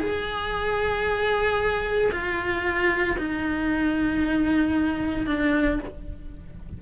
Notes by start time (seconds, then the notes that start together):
0.00 G#4
2.11 F4
3.18 D#4
5.27 D4